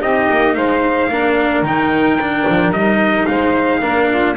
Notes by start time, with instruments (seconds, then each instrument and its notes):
0.00 double bass C4, cello D#4, saxophone G4, trumpet D#5
0.30 double bass A#3
0.54 double bass G#3, saxophone C5, trumpet F5
1.08 double bass A#3, cello D4, saxophone A#4
1.62 double bass D#3, cello D#4, trumpet G5
2.20 cello D4
2.49 double bass F3
2.70 double bass G3, cello D#4, trumpet D#5
3.26 double bass G#3, saxophone C5, trumpet F5
3.80 double bass A#3, cello D4, saxophone A#4
4.08 saxophone F4